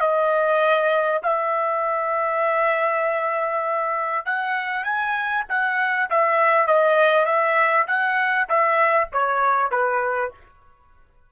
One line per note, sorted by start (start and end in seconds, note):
0.00 1.21 D#5
1.22 4.25 E5
4.25 4.83 F#5
4.83 5.44 G#5
5.48 6.09 F#5
6.09 6.67 E5
6.67 7.25 D#5
7.25 7.86 E5
7.87 8.47 F#5
8.48 9.09 E5
9.12 9.71 C#5
9.71 10.31 B4